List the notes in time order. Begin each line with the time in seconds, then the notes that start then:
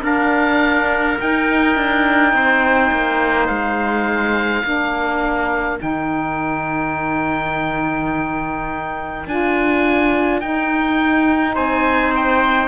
0.00 D4 A#4 F5
1.18 D#4 G5
1.75 D4
2.33 C4 C5
2.91 A#3
3.47 G#3 F5
4.63 A#3 D4 A#4
5.78 D#3 D#4 G5
9.27 D4 F4 G#5
10.40 D#4 G5
11.54 C4 C5 G#5
12.15 G5